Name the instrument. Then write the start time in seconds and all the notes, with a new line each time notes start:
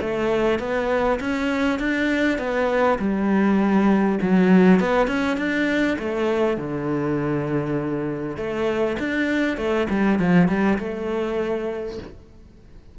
cello
0.00 A3
0.59 B3
1.20 C#4
1.79 D4
2.38 B3
2.99 G3
4.21 F#3
4.80 B3
5.07 C#4
5.37 D4
5.98 A3
6.57 D3
8.36 A3
8.99 D4
9.57 A3
9.89 G3
10.19 F3
10.48 G3
10.78 A3